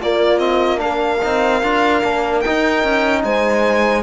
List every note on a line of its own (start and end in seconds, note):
0.00 1.22 A#3
0.00 0.38 A#3
0.00 0.82 F4
0.00 0.39 D5
0.38 0.77 C4
0.38 0.80 D#5
0.77 1.18 D4
0.77 3.24 A#4
0.77 2.41 F5
1.22 1.63 C4
1.22 1.62 D#4
1.63 2.04 D4
1.63 2.03 F4
2.03 2.45 A#3
2.03 2.44 D4
2.41 4.04 D#4
2.41 3.22 G5
2.48 2.84 D#4
2.84 3.24 C#4
3.24 4.04 G#3
3.24 4.04 C5
3.24 4.04 G#5